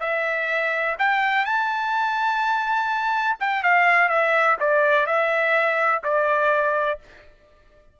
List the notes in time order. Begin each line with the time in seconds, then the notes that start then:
0.00 E5
0.99 G5
1.45 A5
3.40 G5
3.63 F5
4.09 E5
4.60 D5
5.06 E5
6.03 D5